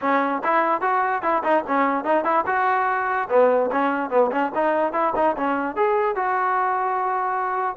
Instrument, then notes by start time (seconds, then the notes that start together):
trombone
0.01 C#4
0.43 E4
0.81 F#4
1.22 E4
1.43 D#4
1.67 C#4
2.04 D#4
2.24 E4
2.46 F#4
3.29 B3
3.71 C#4
4.10 B3
4.31 C#4
4.54 D#4
4.92 E4
5.15 D#4
5.36 C#4
5.76 G#4
6.15 F#4